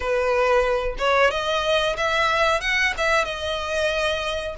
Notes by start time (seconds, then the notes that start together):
0.00 B4
0.98 C#5
1.30 D#5
1.97 E5
2.61 F#5
2.97 E5
3.24 D#5